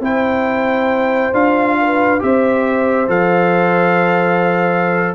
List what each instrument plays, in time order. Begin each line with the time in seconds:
0.00 tuba C4, trombone E4, horn C5, trumpet G5
1.33 tuba D4, trombone F4, trumpet F5
1.81 horn B4
2.19 tuba C4, trombone G4, horn C5, trumpet E5
3.08 tuba F3, trombone A4, trumpet F5